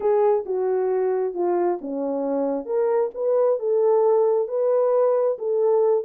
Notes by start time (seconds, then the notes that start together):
0.00 G#4
0.45 F#4
1.34 F4
1.81 C#4
2.65 A#4
3.14 B4
3.59 A4
4.48 B4
5.38 A4